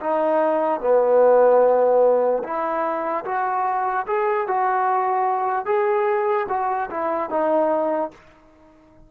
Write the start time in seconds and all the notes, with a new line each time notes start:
0.00 D#4
0.80 B3
2.43 E4
3.25 F#4
4.07 G#4
4.47 F#4
5.65 G#4
6.49 F#4
6.90 E4
7.30 D#4